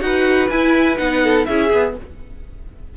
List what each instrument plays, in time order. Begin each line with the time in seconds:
0.00 cello D#4, viola F#4, violin B4 F#5
0.49 cello E4, viola E4, violin G#5
0.96 cello B3, viola D#4, violin F#5
1.23 violin A4
1.45 cello C#4, viola E4, violin G#4 E5
1.70 cello B3, viola G#4